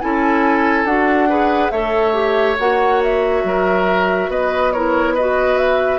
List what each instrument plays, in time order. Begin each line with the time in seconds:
0.00 bassoon C#4, clarinet E4, oboe A4, flute G#5
0.84 bassoon D4, clarinet F#4, flute F#5
1.29 clarinet G#4, oboe B4
1.71 bassoon A3, clarinet A4, oboe C#5, flute E5
2.13 clarinet G4
2.59 bassoon A#3, clarinet F#4, flute F#5
3.02 flute E5
3.44 bassoon F#3, oboe A#4
4.28 bassoon B3, oboe B4, flute D#5
4.72 clarinet E4, oboe A#4, flute C#5
5.14 clarinet F#4, oboe B4, flute D#5
5.57 flute E5